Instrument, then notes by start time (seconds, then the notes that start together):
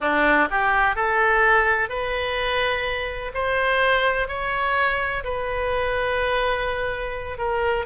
oboe
0.00 D4
0.50 G4
0.95 A4
1.89 B4
3.34 C5
4.28 C#5
5.23 B4
7.38 A#4